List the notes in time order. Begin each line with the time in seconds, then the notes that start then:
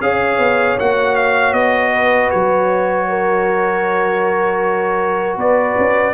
0.00 C#4 G#4 C#5 F5
0.37 B3
0.79 A#3 F#4 F#5
1.15 F5
1.52 B3 D#5
1.93 B4
2.30 F#3 C#5
3.08 A#4
5.37 B3 B4 D5
5.78 C#4